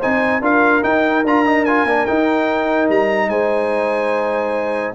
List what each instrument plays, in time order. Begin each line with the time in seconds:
0.00 tuba C4, trombone D#4, horn C5, trumpet G#5
0.41 tuba D4, trombone F4, horn A#4, trumpet F5
0.82 trombone D#4, tuba D#4, trumpet G5
1.24 tuba D4, trombone F4, trumpet A#5
1.45 trombone D#4
1.64 trombone F4, trumpet G#5
1.84 tuba A#3, trombone D4
2.05 trombone D#4, tuba D#4, trumpet G5
2.89 tuba G3, trumpet A#5
3.29 tuba G#3, horn C5, trumpet G#5